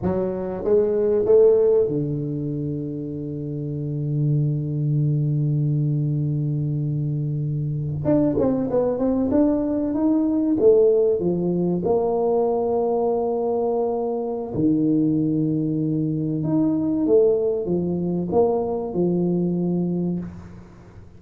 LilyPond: \new Staff \with { instrumentName = "tuba" } { \time 4/4 \tempo 4 = 95 fis4 gis4 a4 d4~ | d1~ | d1~ | d8. d'8 c'8 b8 c'8 d'4 dis'16~ |
dis'8. a4 f4 ais4~ ais16~ | ais2. dis4~ | dis2 dis'4 a4 | f4 ais4 f2 | }